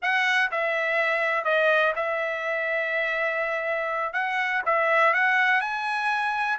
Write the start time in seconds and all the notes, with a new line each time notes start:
0.02 F#5
0.51 E5
1.44 D#5
1.95 E5
4.13 F#5
4.65 E5
5.13 F#5
5.60 G#5